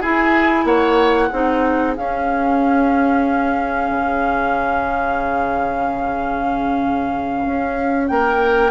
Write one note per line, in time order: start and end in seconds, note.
0.00 0.64 E4
0.00 1.31 E4
0.00 0.65 G#4
0.00 0.66 G#5
0.64 1.29 A#3
0.64 1.28 C#5
0.64 1.95 F#5
1.28 1.97 C4
1.28 1.96 D#4
1.28 8.06 G#4
1.96 3.90 C#4
1.96 8.71 C#4
1.96 8.07 F5
3.90 7.45 C#3
7.45 8.10 C#4
8.07 8.71 A#3
8.07 8.71 A#4
8.07 8.71 G5